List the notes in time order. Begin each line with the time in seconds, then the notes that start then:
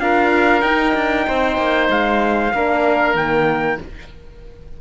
0.00 D4 F4 A#4 F5
0.62 D#4 G5
0.95 D4
1.28 C4 C5
1.58 A#3
1.90 G#3 F5
2.54 A#3 D4 A#4
3.15 D#3 A#3 G5